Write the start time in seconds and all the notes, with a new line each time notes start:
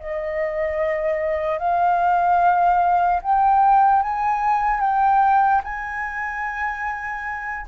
0.00 D#5
1.59 F5
3.22 G5
4.03 G#5
4.81 G5
5.64 G#5